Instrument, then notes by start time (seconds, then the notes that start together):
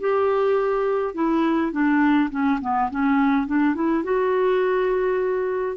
clarinet
0.00 G4
1.14 E4
1.72 D4
2.30 C#4
2.61 B3
2.90 C#4
3.46 D4
3.74 E4
4.04 F#4